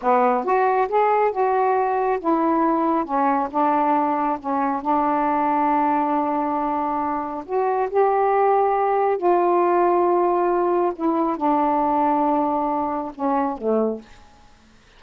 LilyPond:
\new Staff \with { instrumentName = "saxophone" } { \time 4/4 \tempo 4 = 137 b4 fis'4 gis'4 fis'4~ | fis'4 e'2 cis'4 | d'2 cis'4 d'4~ | d'1~ |
d'4 fis'4 g'2~ | g'4 f'2.~ | f'4 e'4 d'2~ | d'2 cis'4 a4 | }